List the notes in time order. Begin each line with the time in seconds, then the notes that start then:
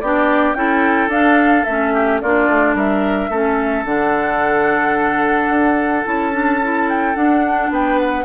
0.00 B3 D4 G4 D5
0.54 C#4 E4 A4 G5
1.08 D4 F5
1.65 A3 C#4 E5
1.94 G4
2.21 A#3 D4 F4 D5
2.49 A3
2.74 G3 A#4 E5
3.30 A3 C#4 A4
3.85 D3 D4 F#5
5.49 D4
6.05 C#4 E4 A5
6.32 D4
6.63 E4
6.89 G5
7.15 D4 F#5
7.70 B3 B4 G5
7.99 F#5